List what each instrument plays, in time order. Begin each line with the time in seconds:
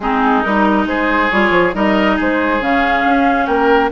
0.00 bassoon G#3, clarinet C4, oboe D#4, flute G#4
0.43 bassoon G3, clarinet D#4, flute A#4
0.86 bassoon G#3, oboe G#4, flute C5
1.30 bassoon G3, clarinet F4, flute C#5
1.50 bassoon F3
1.73 bassoon G3, clarinet D#4, oboe A#4, flute D#5
2.16 bassoon G#3, oboe G#4, flute C5
2.60 bassoon C#3, clarinet C#4, flute F5
3.05 bassoon C#4
3.46 bassoon A#3, oboe A#4, flute G5